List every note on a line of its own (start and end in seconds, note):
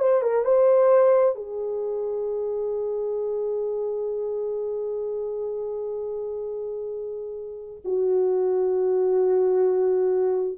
0.00 0.22 C5
0.22 0.45 A#4
0.45 1.36 C5
1.36 7.82 G#4
7.85 10.59 F#4